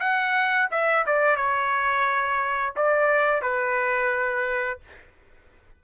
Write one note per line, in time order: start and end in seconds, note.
0.00 0.69 F#5
0.71 1.06 E5
1.07 1.37 D5
1.37 2.75 C#5
2.76 3.42 D5
3.42 4.80 B4